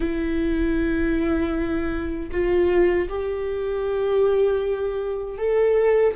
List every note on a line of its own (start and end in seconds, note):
0.00 2.30 E4
2.31 3.08 F4
3.08 5.37 G4
5.37 6.14 A4